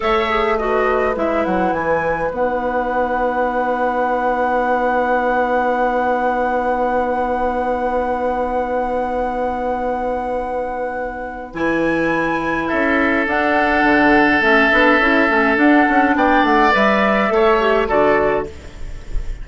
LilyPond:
<<
  \new Staff \with { instrumentName = "flute" } { \time 4/4 \tempo 4 = 104 e''4 dis''4 e''8 fis''8 gis''4 | fis''1~ | fis''1~ | fis''1~ |
fis''1 | gis''2 e''4 fis''4~ | fis''4 e''2 fis''4 | g''8 fis''8 e''2 d''4 | }
  \new Staff \with { instrumentName = "oboe" } { \time 4/4 cis''4 b'2.~ | b'1~ | b'1~ | b'1~ |
b'1~ | b'2 a'2~ | a'1 | d''2 cis''4 a'4 | }
  \new Staff \with { instrumentName = "clarinet" } { \time 4/4 a'8 gis'8 fis'4 e'2 | dis'1~ | dis'1~ | dis'1~ |
dis'1 | e'2. d'4~ | d'4 cis'8 d'8 e'8 cis'8 d'4~ | d'4 b'4 a'8 g'8 fis'4 | }
  \new Staff \with { instrumentName = "bassoon" } { \time 4/4 a2 gis8 fis8 e4 | b1~ | b1~ | b1~ |
b1 | e2 cis'4 d'4 | d4 a8 b8 cis'8 a8 d'8 cis'8 | b8 a8 g4 a4 d4 | }
>>